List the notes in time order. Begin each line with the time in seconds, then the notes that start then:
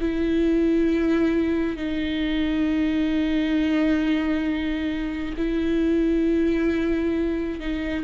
0.00 E4
1.76 D#4
5.37 E4
7.60 D#4